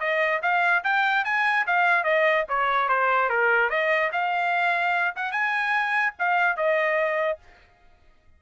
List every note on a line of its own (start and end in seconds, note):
0.00 0.41 D#5
0.42 0.83 F5
0.84 1.25 G5
1.25 1.66 G#5
1.67 2.04 F5
2.04 2.45 D#5
2.49 2.89 C#5
2.89 3.30 C5
3.30 3.70 A#4
3.70 4.11 D#5
4.12 5.15 F5
5.16 5.32 F#5
5.32 6.14 G#5
6.19 6.57 F5
6.57 7.39 D#5